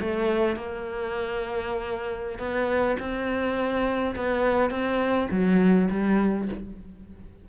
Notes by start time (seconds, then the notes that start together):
0.00 A3
0.56 A#3
2.38 B3
2.99 C4
4.15 B3
4.70 C4
5.31 F#3
5.90 G3